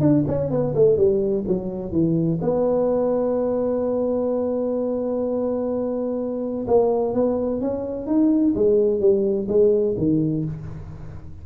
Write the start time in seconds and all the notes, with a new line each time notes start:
0.00 D4
0.27 C#4
0.50 B3
0.75 A3
0.97 G3
1.47 F#3
1.91 E3
2.41 B3
6.67 A#3
7.13 B3
7.60 C#4
8.06 D#4
8.54 G#3
9.00 G3
9.48 G#3
9.97 D#3